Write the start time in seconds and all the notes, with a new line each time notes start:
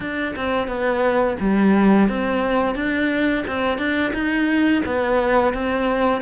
0.00 D4
0.36 C4
0.67 B3
1.39 G3
2.08 C4
2.75 D4
3.46 C4
3.77 D4
4.13 D#4
4.85 B3
5.53 C4